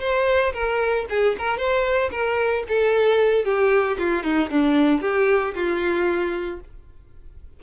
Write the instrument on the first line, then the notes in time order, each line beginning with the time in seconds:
violin
0.00 C5
0.53 A#4
1.09 G#4
1.38 A#4
1.57 C5
2.11 A#4
2.68 A4
3.45 G4
3.98 F4
4.23 D#4
4.50 D4
5.01 G4
5.55 F4